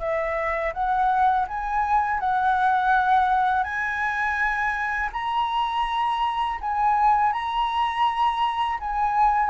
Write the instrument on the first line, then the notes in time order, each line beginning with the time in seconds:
flute
0.00 E5
0.74 F#5
1.48 G#5
2.20 F#5
3.63 G#5
5.13 A#5
6.61 G#5
7.32 A#5
8.80 G#5